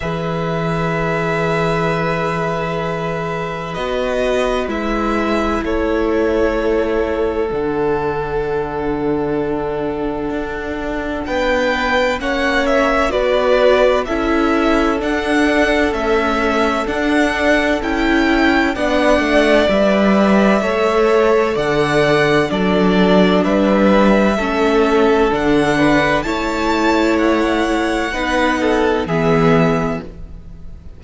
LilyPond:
<<
  \new Staff \with { instrumentName = "violin" } { \time 4/4 \tempo 4 = 64 e''1 | dis''4 e''4 cis''2 | fis''1 | g''4 fis''8 e''8 d''4 e''4 |
fis''4 e''4 fis''4 g''4 | fis''4 e''2 fis''4 | d''4 e''2 fis''4 | a''4 fis''2 e''4 | }
  \new Staff \with { instrumentName = "violin" } { \time 4/4 b'1~ | b'2 a'2~ | a'1 | b'4 cis''4 b'4 a'4~ |
a'1 | d''2 cis''4 d''4 | a'4 b'4 a'4. b'8 | cis''2 b'8 a'8 gis'4 | }
  \new Staff \with { instrumentName = "viola" } { \time 4/4 gis'1 | fis'4 e'2. | d'1~ | d'4 cis'4 fis'4 e'4 |
d'4 a4 d'4 e'4 | d'4 b'4 a'2 | d'2 cis'4 d'4 | e'2 dis'4 b4 | }
  \new Staff \with { instrumentName = "cello" } { \time 4/4 e1 | b4 gis4 a2 | d2. d'4 | b4 ais4 b4 cis'4 |
d'4 cis'4 d'4 cis'4 | b8 a8 g4 a4 d4 | fis4 g4 a4 d4 | a2 b4 e4 | }
>>